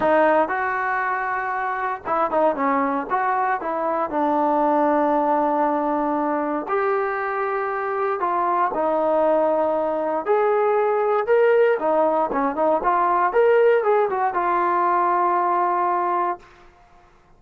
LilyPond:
\new Staff \with { instrumentName = "trombone" } { \time 4/4 \tempo 4 = 117 dis'4 fis'2. | e'8 dis'8 cis'4 fis'4 e'4 | d'1~ | d'4 g'2. |
f'4 dis'2. | gis'2 ais'4 dis'4 | cis'8 dis'8 f'4 ais'4 gis'8 fis'8 | f'1 | }